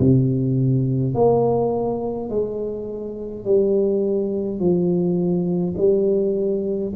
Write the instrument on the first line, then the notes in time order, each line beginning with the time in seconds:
tuba
0.00 C3
1.15 A#3
2.30 G#3
3.45 G3
4.59 F3
5.78 G3